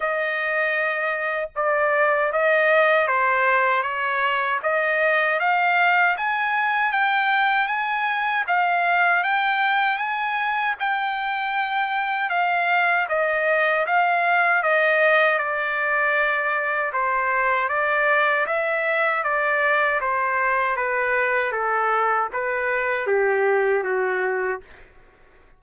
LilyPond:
\new Staff \with { instrumentName = "trumpet" } { \time 4/4 \tempo 4 = 78 dis''2 d''4 dis''4 | c''4 cis''4 dis''4 f''4 | gis''4 g''4 gis''4 f''4 | g''4 gis''4 g''2 |
f''4 dis''4 f''4 dis''4 | d''2 c''4 d''4 | e''4 d''4 c''4 b'4 | a'4 b'4 g'4 fis'4 | }